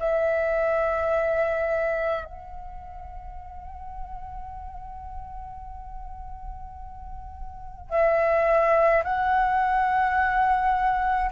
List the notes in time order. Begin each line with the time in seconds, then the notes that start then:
0.00 E5
2.25 F#5
7.90 E5
9.04 F#5